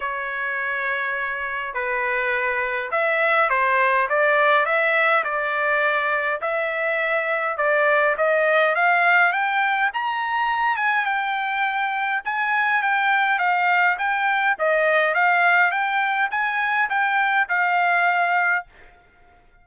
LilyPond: \new Staff \with { instrumentName = "trumpet" } { \time 4/4 \tempo 4 = 103 cis''2. b'4~ | b'4 e''4 c''4 d''4 | e''4 d''2 e''4~ | e''4 d''4 dis''4 f''4 |
g''4 ais''4. gis''8 g''4~ | g''4 gis''4 g''4 f''4 | g''4 dis''4 f''4 g''4 | gis''4 g''4 f''2 | }